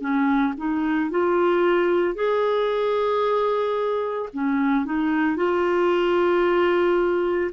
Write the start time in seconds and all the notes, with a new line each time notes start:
0.00 C#4
0.57 D#4
1.10 F4
2.14 G#4
4.33 C#4
4.85 D#4
5.36 F4